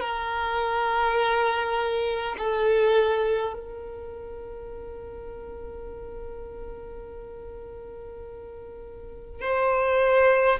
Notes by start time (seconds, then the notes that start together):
0.00 A#4
2.37 A4
3.53 A#4
9.41 C5